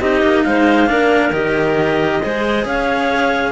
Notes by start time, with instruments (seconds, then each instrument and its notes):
0.00 cello C4 D#4, clarinet G4 D#5
0.22 cello A#3
0.44 cello G#3, clarinet C5 F5
0.87 cello A#3 D4, clarinet A#4
1.31 cello D#3 G4, clarinet D#5
2.23 cello G#3 G#4, clarinet C5
2.65 cello C#4, clarinet C#5 F5